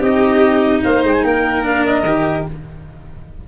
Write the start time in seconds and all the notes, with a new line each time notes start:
0.00 C4 D#4 G4 D#5
0.83 A#3 C5 F5
1.04 G#3 G5
1.14 G#5
1.24 A#3 A#4 G5
1.63 D4 F5
1.85 D#5
2.03 D#3 G4